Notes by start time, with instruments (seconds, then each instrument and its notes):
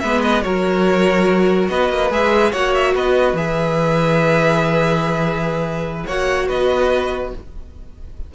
0.00 cello G#3, viola B3, violin B4 E5
0.22 violin D#5
0.42 cello F#3, viola F#4, violin A#4 C#5
1.69 cello B3, violin B4 D#5
1.90 cello A#3
2.11 cello G#3, viola G#4, violin E5
2.52 cello A#3, viola F#4, violin C#5 F#5
2.74 violin E5
2.95 cello B3, violin B4 D#5
3.33 cello E3, viola G#4, violin E5
6.07 cello A#3, viola F#4, violin C#5 F#5
6.48 cello B3, violin B4 D#5